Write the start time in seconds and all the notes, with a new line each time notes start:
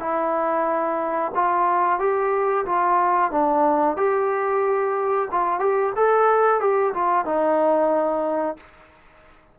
0.00 E4
1.35 F4
2.00 G4
2.66 F4
3.32 D4
3.97 G4
5.31 F4
5.60 G4
5.96 A4
6.61 G4
6.94 F4
7.25 D#4